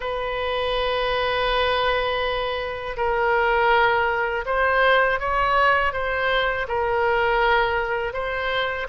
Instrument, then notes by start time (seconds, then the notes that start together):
oboe
0.00 B4
2.96 A#4
4.45 C5
5.19 C#5
5.92 C5
6.67 A#4
8.13 C5